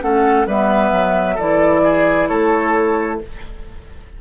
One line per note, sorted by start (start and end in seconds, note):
0.00 0.46 A3
0.00 0.45 C#4
0.00 0.46 A4
0.00 0.46 F#5
0.46 0.91 G3
0.46 1.38 B3
0.46 1.34 B4
0.46 1.38 E5
0.91 1.37 F#3
1.34 2.29 E3
1.34 3.20 E4
1.34 1.80 A4
1.34 2.27 D5
1.83 2.29 G#4
2.27 3.20 A3
2.27 3.20 A4
2.27 3.18 C#5